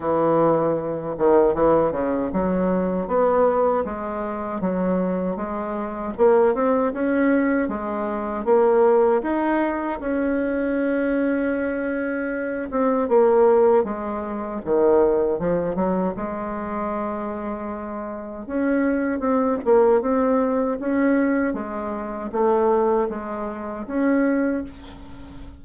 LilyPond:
\new Staff \with { instrumentName = "bassoon" } { \time 4/4 \tempo 4 = 78 e4. dis8 e8 cis8 fis4 | b4 gis4 fis4 gis4 | ais8 c'8 cis'4 gis4 ais4 | dis'4 cis'2.~ |
cis'8 c'8 ais4 gis4 dis4 | f8 fis8 gis2. | cis'4 c'8 ais8 c'4 cis'4 | gis4 a4 gis4 cis'4 | }